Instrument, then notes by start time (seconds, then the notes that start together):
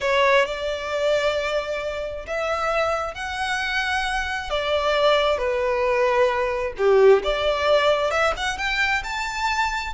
violin
0.00 C#5
0.45 D5
2.26 E5
3.14 F#5
4.49 D5
5.37 B4
6.77 G4
7.23 D5
8.10 E5
8.36 F#5
8.57 G5
9.03 A5